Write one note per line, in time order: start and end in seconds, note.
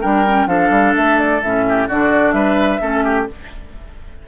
0.00 0.46 G3
0.00 0.25 D4
0.00 0.47 A#4
0.00 0.47 G5
0.26 0.47 C#4
0.46 0.70 F3
0.46 1.40 D4
0.46 1.65 A4
0.46 0.94 F5
0.70 0.93 G3
0.95 1.41 A3
0.95 1.18 E5
1.18 1.42 D5
1.41 1.88 A2
1.41 1.89 C#4
1.41 1.89 E5
1.69 1.87 G4
1.87 2.32 D3
1.87 2.80 D4
1.87 2.34 F#4
1.87 2.31 D5
2.31 2.79 G3
2.31 2.81 B4
2.31 3.25 E5
2.80 3.27 A3
2.80 3.26 C#4
2.80 3.04 A4
3.04 3.27 G4